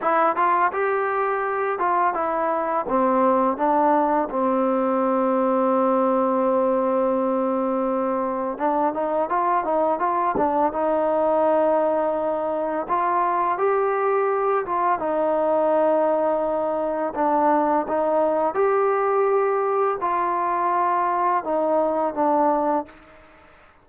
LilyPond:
\new Staff \with { instrumentName = "trombone" } { \time 4/4 \tempo 4 = 84 e'8 f'8 g'4. f'8 e'4 | c'4 d'4 c'2~ | c'1 | d'8 dis'8 f'8 dis'8 f'8 d'8 dis'4~ |
dis'2 f'4 g'4~ | g'8 f'8 dis'2. | d'4 dis'4 g'2 | f'2 dis'4 d'4 | }